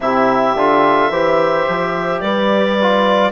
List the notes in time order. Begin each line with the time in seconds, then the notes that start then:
0.00 C3 E4 G4 E5
0.55 D3 F4
1.09 E3 G4 C5
1.68 F3
2.20 G3 B4 D5
2.81 F4